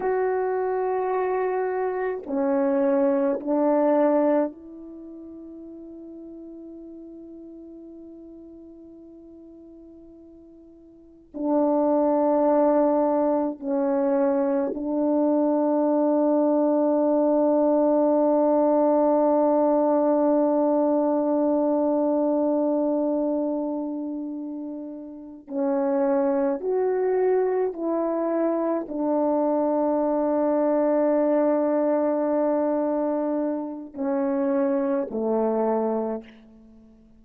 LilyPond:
\new Staff \with { instrumentName = "horn" } { \time 4/4 \tempo 4 = 53 fis'2 cis'4 d'4 | e'1~ | e'2 d'2 | cis'4 d'2.~ |
d'1~ | d'2~ d'8 cis'4 fis'8~ | fis'8 e'4 d'2~ d'8~ | d'2 cis'4 a4 | }